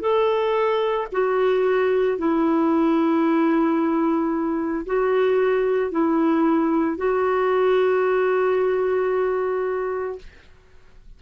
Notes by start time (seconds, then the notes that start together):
0.00 A4
1.12 F#4
2.18 E4
4.86 F#4
5.91 E4
6.97 F#4